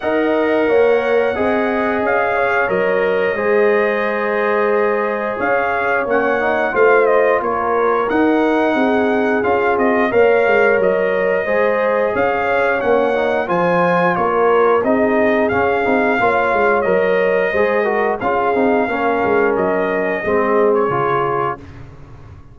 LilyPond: <<
  \new Staff \with { instrumentName = "trumpet" } { \time 4/4 \tempo 4 = 89 fis''2. f''4 | dis''1 | f''4 fis''4 f''8 dis''8 cis''4 | fis''2 f''8 dis''8 f''4 |
dis''2 f''4 fis''4 | gis''4 cis''4 dis''4 f''4~ | f''4 dis''2 f''4~ | f''4 dis''4.~ dis''16 cis''4~ cis''16 | }
  \new Staff \with { instrumentName = "horn" } { \time 4/4 dis''4 cis''4 dis''4. cis''8~ | cis''4 c''2. | cis''2 c''4 ais'4~ | ais'4 gis'2 cis''4~ |
cis''4 c''4 cis''2 | c''4 ais'4 gis'2 | cis''2 c''8 ais'8 gis'4 | ais'2 gis'2 | }
  \new Staff \with { instrumentName = "trombone" } { \time 4/4 ais'2 gis'2 | ais'4 gis'2.~ | gis'4 cis'8 dis'8 f'2 | dis'2 f'4 ais'4~ |
ais'4 gis'2 cis'8 dis'8 | f'2 dis'4 cis'8 dis'8 | f'4 ais'4 gis'8 fis'8 f'8 dis'8 | cis'2 c'4 f'4 | }
  \new Staff \with { instrumentName = "tuba" } { \time 4/4 dis'4 ais4 c'4 cis'4 | fis4 gis2. | cis'4 ais4 a4 ais4 | dis'4 c'4 cis'8 c'8 ais8 gis8 |
fis4 gis4 cis'4 ais4 | f4 ais4 c'4 cis'8 c'8 | ais8 gis8 fis4 gis4 cis'8 c'8 | ais8 gis8 fis4 gis4 cis4 | }
>>